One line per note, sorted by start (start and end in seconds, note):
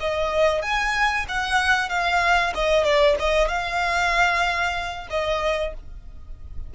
0.00 0.62 D#5
0.62 1.26 G#5
1.28 1.89 F#5
1.89 2.53 F5
2.54 2.84 D#5
2.84 3.16 D5
3.19 3.48 D#5
3.48 5.07 F5
5.10 5.74 D#5